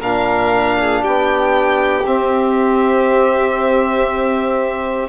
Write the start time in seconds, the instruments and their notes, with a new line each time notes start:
0.00 bassoon A#2, trombone D4, violin A#4 F5
0.80 violin G#4
1.02 bassoon B3, violin G4 G5
2.05 bassoon C4, trombone C4, violin E5